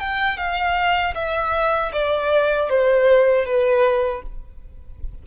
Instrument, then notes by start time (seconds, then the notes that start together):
violin
0.00 G5
0.37 F5
1.15 E5
1.93 D5
2.70 C5
3.45 B4